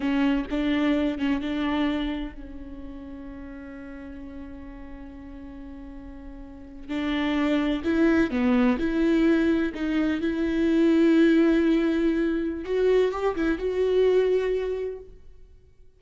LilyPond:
\new Staff \with { instrumentName = "viola" } { \time 4/4 \tempo 4 = 128 cis'4 d'4. cis'8 d'4~ | d'4 cis'2.~ | cis'1~ | cis'2~ cis'8. d'4~ d'16~ |
d'8. e'4 b4 e'4~ e'16~ | e'8. dis'4 e'2~ e'16~ | e'2. fis'4 | g'8 e'8 fis'2. | }